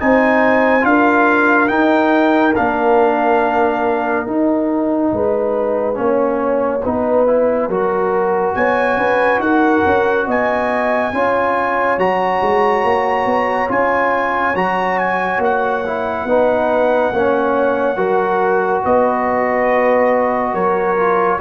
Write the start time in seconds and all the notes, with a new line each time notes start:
0.00 C4 D#4 C5 G#5
0.81 D4 F4 F5
0.88 A#4
1.67 D#4 G5
2.55 A#3 D4 F5
4.26 D#4 F#5
5.12 G#3 B4
5.94 A#3 C#4 C#5
6.83 B3 D#4 B4
7.27 E4
7.68 F#3 F#4 A#4
8.55 B3 C#5 G#5
8.97 C#4 B4
9.39 D#4 A#4 F#5
9.86 C#4
10.27 B3 D#5 G#5
11.13 C#4 F4 C#5
11.98 F#3 F#4 A#5
12.41 G#3
12.84 A#3
13.25 B3
13.68 C#4 F4 G#5
14.55 F#3 F#4 A#5
14.98 G#5
15.38 A#3 F#5
15.86 E4
16.25 B3 D#4 B4
17.12 A#3 C#4 C#5
17.96 F#3 F#4 A#4
18.84 B3 B4 D#5
20.53 F#3 A#4 C#5
20.96 F4